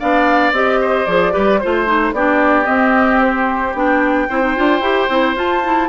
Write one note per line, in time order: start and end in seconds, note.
0.00 0.52 B3
0.00 0.54 D4
0.00 0.80 D5
0.00 0.54 F5
0.52 1.06 C4
0.52 1.08 G4
0.52 1.06 D#5
0.81 1.33 C5
1.06 1.34 F3
1.06 1.33 G#4
1.06 1.59 D5
1.33 1.63 G3
1.33 1.59 G4
1.33 1.60 B4
1.59 1.86 F4
1.59 2.12 C5
1.59 2.15 C5
1.65 2.13 A3
1.86 2.13 D#4
2.13 2.66 B3
2.13 2.65 D4
2.13 4.29 G4
2.13 2.66 D5
2.65 3.72 C4
2.65 3.74 C4
2.65 3.20 D#5
3.21 3.75 C5
3.74 4.28 B3
3.74 4.29 D4
3.74 5.37 G5
4.29 4.57 C4
4.29 4.42 E4
4.29 5.89 C5
4.42 4.56 D#4
4.56 4.81 D4
4.56 4.82 F4
4.81 5.07 E4
4.81 5.09 G4
5.09 5.35 C4
5.09 5.36 E4
5.35 5.89 F4
5.35 5.63 F4
5.35 5.89 A5
5.64 5.89 E4